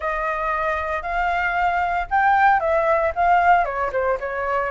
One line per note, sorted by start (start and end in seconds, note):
0.00 1.02 D#5
1.02 2.07 F5
2.10 2.60 G5
2.60 3.12 E5
3.15 3.64 F5
3.64 3.90 C#5
3.92 4.18 C5
4.20 4.71 C#5